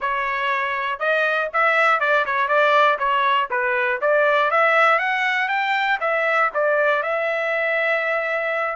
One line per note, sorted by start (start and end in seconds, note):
0.00 0.99 C#5
0.99 1.49 D#5
1.53 2.00 E5
2.00 2.25 D5
2.25 2.48 C#5
2.48 2.98 D5
2.98 3.48 C#5
3.50 4.00 B4
4.01 4.50 D5
4.50 4.98 E5
4.98 5.48 F#5
5.48 5.98 G5
6.00 6.50 E5
6.54 7.02 D5
7.02 8.75 E5